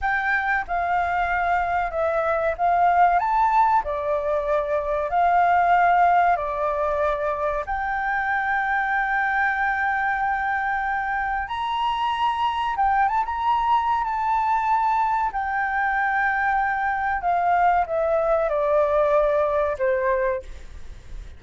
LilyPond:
\new Staff \with { instrumentName = "flute" } { \time 4/4 \tempo 4 = 94 g''4 f''2 e''4 | f''4 a''4 d''2 | f''2 d''2 | g''1~ |
g''2 ais''2 | g''8 a''16 ais''4~ ais''16 a''2 | g''2. f''4 | e''4 d''2 c''4 | }